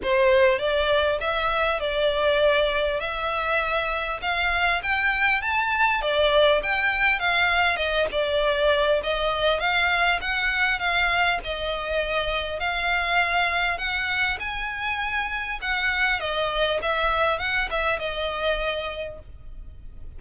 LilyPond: \new Staff \with { instrumentName = "violin" } { \time 4/4 \tempo 4 = 100 c''4 d''4 e''4 d''4~ | d''4 e''2 f''4 | g''4 a''4 d''4 g''4 | f''4 dis''8 d''4. dis''4 |
f''4 fis''4 f''4 dis''4~ | dis''4 f''2 fis''4 | gis''2 fis''4 dis''4 | e''4 fis''8 e''8 dis''2 | }